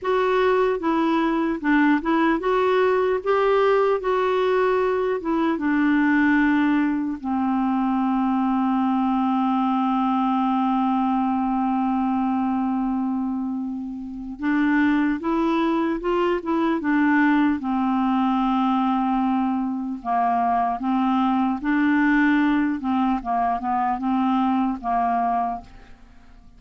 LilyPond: \new Staff \with { instrumentName = "clarinet" } { \time 4/4 \tempo 4 = 75 fis'4 e'4 d'8 e'8 fis'4 | g'4 fis'4. e'8 d'4~ | d'4 c'2.~ | c'1~ |
c'2 d'4 e'4 | f'8 e'8 d'4 c'2~ | c'4 ais4 c'4 d'4~ | d'8 c'8 ais8 b8 c'4 ais4 | }